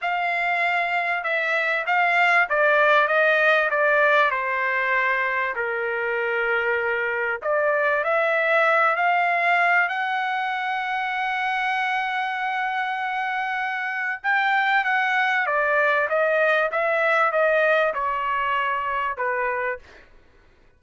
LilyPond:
\new Staff \with { instrumentName = "trumpet" } { \time 4/4 \tempo 4 = 97 f''2 e''4 f''4 | d''4 dis''4 d''4 c''4~ | c''4 ais'2. | d''4 e''4. f''4. |
fis''1~ | fis''2. g''4 | fis''4 d''4 dis''4 e''4 | dis''4 cis''2 b'4 | }